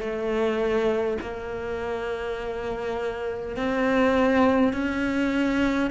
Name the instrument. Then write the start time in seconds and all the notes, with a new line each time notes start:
cello
0.00 A3
1.20 A#3
3.56 C4
4.73 C#4